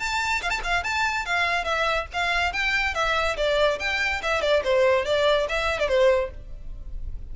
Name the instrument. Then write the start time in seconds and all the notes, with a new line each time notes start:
violin
0.00 A5
0.42 F5
0.50 A5
0.64 F5
0.84 A5
1.26 F5
1.65 E5
2.14 F5
2.53 G5
2.95 E5
3.37 D5
3.80 G5
4.23 E5
4.42 D5
4.64 C5
5.06 D5
5.49 E5
5.80 D5
5.89 C5